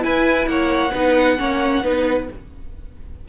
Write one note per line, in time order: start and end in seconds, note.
0.00 0.90 E4
0.00 0.46 E4
0.00 0.49 B4
0.00 0.48 G#5
0.46 0.91 A#3
0.46 0.92 C#5
0.46 2.28 F#5
0.92 1.39 B3
0.92 1.37 D#4
0.92 1.37 B4
1.37 1.83 A#3
1.37 1.82 C#4
1.37 1.83 C#5
1.83 2.28 B3
1.83 2.28 D#4
1.83 2.28 B4